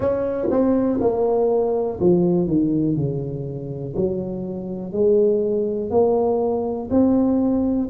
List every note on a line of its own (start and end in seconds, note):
0.00 0.48 C#4
0.50 0.99 C4
1.01 1.99 A#3
2.00 2.47 F3
2.47 2.96 D#3
2.96 3.94 C#3
3.96 4.92 F#3
4.92 5.90 G#3
5.90 6.89 A#3
6.90 7.89 C4